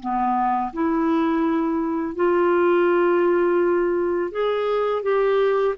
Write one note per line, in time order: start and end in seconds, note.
0.00 0.72 B3
0.73 2.16 E4
2.16 4.32 F4
4.32 5.03 G#4
5.03 5.75 G4